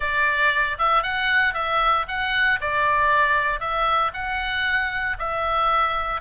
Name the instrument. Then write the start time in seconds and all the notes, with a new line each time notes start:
oboe
0.00 D5
0.78 E5
1.02 F#5
1.54 E5
2.08 F#5
2.60 D5
3.59 E5
4.13 F#5
5.18 E5